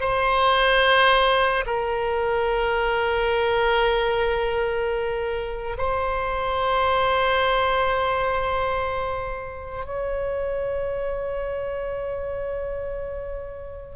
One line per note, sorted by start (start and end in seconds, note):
0.00 1.64 C5
1.66 5.77 A#4
5.78 9.85 C5
9.85 13.95 C#5